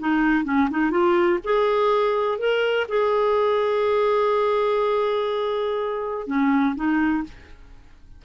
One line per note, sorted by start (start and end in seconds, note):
0.00 0.45 D#4
0.45 0.69 C#4
0.71 0.91 D#4
0.91 1.39 F4
1.45 2.39 G#4
2.39 2.87 A#4
2.89 6.27 G#4
6.27 6.76 C#4
6.76 7.24 D#4